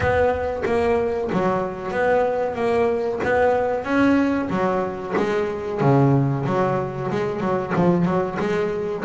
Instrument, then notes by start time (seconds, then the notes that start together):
double bass
0.00 B3
0.65 A#3
1.32 F#3
1.91 B3
2.55 A#3
3.23 B3
3.84 C#4
4.50 F#3
5.16 G#3
5.80 C#3
6.45 F#3
7.10 G#3
7.40 F#3
7.75 F3
8.05 F#3
8.39 G#3